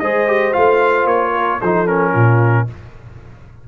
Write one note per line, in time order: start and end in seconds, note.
0.00 0.55 G#3
0.00 0.28 G#4
0.00 1.32 C5
0.00 0.54 D#5
0.28 0.53 G4
0.53 1.06 A3
0.53 1.61 F4
0.53 1.07 F5
1.06 1.59 A#3
1.06 1.61 C#5
1.32 1.59 A#4
1.61 2.15 F3
1.61 1.87 D#4
1.61 2.13 A4
1.61 1.88 C5
1.87 2.68 C#4
1.87 2.68 A#4
2.13 2.68 A#2
2.13 2.66 F4